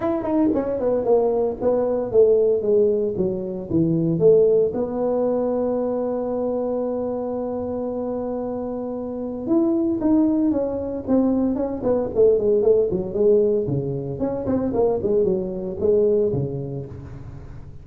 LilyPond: \new Staff \with { instrumentName = "tuba" } { \time 4/4 \tempo 4 = 114 e'8 dis'8 cis'8 b8 ais4 b4 | a4 gis4 fis4 e4 | a4 b2.~ | b1~ |
b2 e'4 dis'4 | cis'4 c'4 cis'8 b8 a8 gis8 | a8 fis8 gis4 cis4 cis'8 c'8 | ais8 gis8 fis4 gis4 cis4 | }